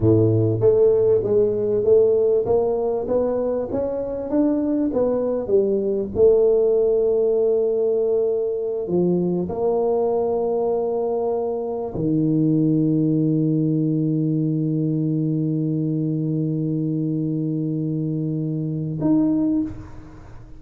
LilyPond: \new Staff \with { instrumentName = "tuba" } { \time 4/4 \tempo 4 = 98 a,4 a4 gis4 a4 | ais4 b4 cis'4 d'4 | b4 g4 a2~ | a2~ a8 f4 ais8~ |
ais2.~ ais8 dis8~ | dis1~ | dis1~ | dis2. dis'4 | }